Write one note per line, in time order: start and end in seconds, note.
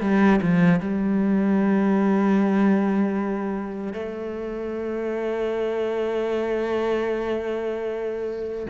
0.00 0.39 G3
0.41 0.79 F3
0.79 3.93 G3
3.93 8.66 A3